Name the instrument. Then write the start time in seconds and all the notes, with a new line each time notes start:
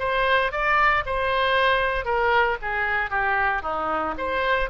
oboe
0.00 C5
0.52 D5
1.06 C5
2.06 A#4
2.62 G#4
3.10 G4
3.63 D#4
4.18 C5